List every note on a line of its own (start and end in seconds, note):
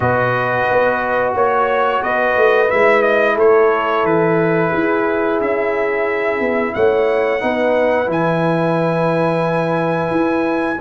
0.00 0.68 B2
0.00 2.68 F#4
0.00 1.34 B4
0.00 1.33 D#5
0.70 1.34 B3
1.34 2.01 A#3
1.34 2.01 C#5
1.34 2.02 C#5
2.02 2.36 B3
2.02 3.35 B4
2.02 2.70 D#5
2.36 2.70 A3
2.68 3.36 G#3
2.68 7.39 E4
2.68 3.02 E5
3.02 3.36 D#5
3.35 4.03 A3
3.35 4.70 A4
3.35 4.05 C#5
4.03 4.71 E3
4.03 5.40 B4
4.70 5.40 E4
4.70 6.72 G#4
5.40 6.40 C#4
5.40 6.74 E5
6.40 6.73 B3
6.74 7.42 A3
6.74 7.43 C#5
6.74 8.09 F#5
7.39 8.08 B3
7.39 8.06 D#4
7.39 10.80 B4
8.06 10.10 E3
8.06 10.76 E4
8.06 10.80 G#5
10.10 10.78 E4